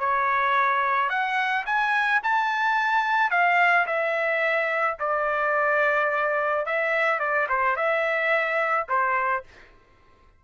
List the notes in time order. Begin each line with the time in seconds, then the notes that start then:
0.00 C#5
1.10 F#5
1.66 G#5
2.23 A5
3.31 F5
3.87 E5
5.00 D5
6.66 E5
7.20 D5
7.49 C5
7.77 E5
8.89 C5